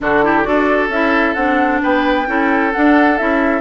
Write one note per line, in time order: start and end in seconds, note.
0.00 0.46 D3
0.00 0.23 D4
0.00 0.24 F#4
0.00 0.42 A4
0.23 0.43 E4
0.23 0.47 G4
0.42 0.88 D4
0.42 0.89 F#4
0.42 1.82 A4
0.42 0.88 D5
0.88 1.34 C#4
0.88 1.36 E4
0.88 1.33 E5
1.33 1.80 C4
1.33 2.27 D4
1.33 1.79 F#5
1.82 2.27 B3
1.82 2.27 B4
1.82 2.72 G5
2.27 2.72 C#4
2.27 2.72 E4
2.27 3.60 A4
2.72 3.18 D4
2.72 3.20 D4
2.72 3.17 F#5
3.17 3.60 C#4
3.17 3.60 E4
3.17 3.60 E5